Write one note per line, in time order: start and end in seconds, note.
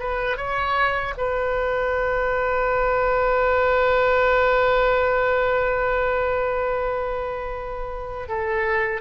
0.00 0.37 B4
0.37 1.14 C#5
1.18 8.29 B4
8.29 9.02 A4